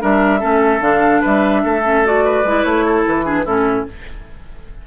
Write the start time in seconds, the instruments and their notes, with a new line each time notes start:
0.00 bassoon G3, clarinet D4, oboe A#4, flute E5
0.39 bassoon A3, clarinet C#4, oboe A4
0.80 bassoon D3, clarinet D4, flute F5
1.21 bassoon G3, oboe B4, flute E5
1.63 bassoon A3, oboe A4
1.84 clarinet C#4
2.04 clarinet F#4, flute D5
2.24 oboe B4
2.44 bassoon G#3, clarinet E4
2.63 bassoon A3, flute C#5
2.85 oboe A4
3.07 bassoon E3, flute B4
3.24 clarinet D4, oboe G#4
3.45 bassoon A2, clarinet C#4, oboe E4, flute A4